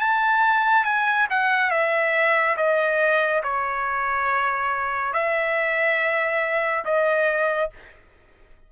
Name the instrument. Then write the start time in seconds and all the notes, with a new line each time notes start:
trumpet
0.00 A5
0.85 G#5
1.31 F#5
1.71 E5
2.57 D#5
3.44 C#5
5.13 E5
6.85 D#5